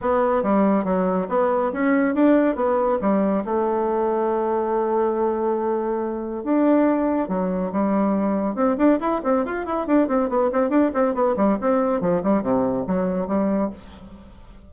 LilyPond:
\new Staff \with { instrumentName = "bassoon" } { \time 4/4 \tempo 4 = 140 b4 g4 fis4 b4 | cis'4 d'4 b4 g4 | a1~ | a2. d'4~ |
d'4 fis4 g2 | c'8 d'8 e'8 c'8 f'8 e'8 d'8 c'8 | b8 c'8 d'8 c'8 b8 g8 c'4 | f8 g8 c4 fis4 g4 | }